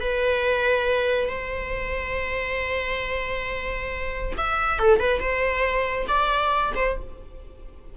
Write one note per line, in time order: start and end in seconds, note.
0.00 1.28 B4
1.28 4.33 C5
4.37 4.79 E5
4.79 4.99 A4
4.99 5.19 B4
5.19 6.06 C5
6.08 6.73 D5
6.75 6.97 C5